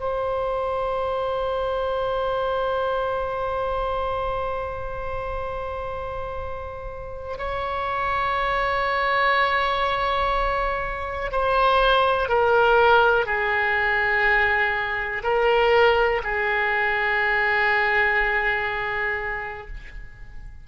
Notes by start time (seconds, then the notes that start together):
0.00 C5
7.39 C#5
11.32 C5
12.29 A#4
13.27 G#4
15.24 A#4
16.24 G#4